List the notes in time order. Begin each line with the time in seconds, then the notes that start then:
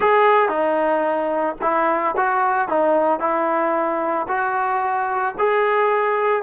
0.00 G#4
0.48 D#4
1.61 E4
2.16 F#4
2.68 D#4
3.19 E4
4.27 F#4
5.38 G#4